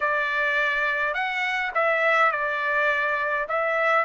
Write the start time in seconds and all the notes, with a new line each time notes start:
0.00 D5
1.14 F#5
1.74 E5
2.31 D5
3.48 E5